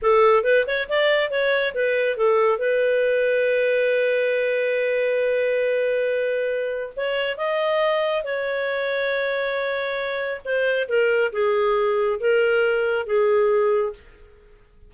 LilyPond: \new Staff \with { instrumentName = "clarinet" } { \time 4/4 \tempo 4 = 138 a'4 b'8 cis''8 d''4 cis''4 | b'4 a'4 b'2~ | b'1~ | b'1 |
cis''4 dis''2 cis''4~ | cis''1 | c''4 ais'4 gis'2 | ais'2 gis'2 | }